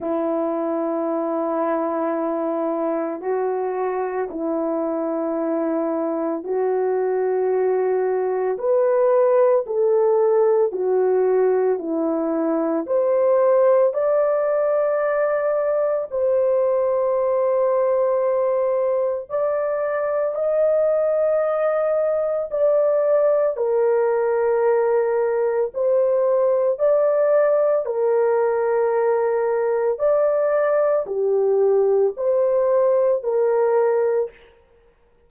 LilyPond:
\new Staff \with { instrumentName = "horn" } { \time 4/4 \tempo 4 = 56 e'2. fis'4 | e'2 fis'2 | b'4 a'4 fis'4 e'4 | c''4 d''2 c''4~ |
c''2 d''4 dis''4~ | dis''4 d''4 ais'2 | c''4 d''4 ais'2 | d''4 g'4 c''4 ais'4 | }